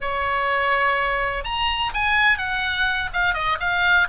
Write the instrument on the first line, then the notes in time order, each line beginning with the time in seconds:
oboe
0.00 C#5
1.44 A#5
1.94 G#5
2.38 F#5
3.13 F5
3.34 D#5
3.60 F5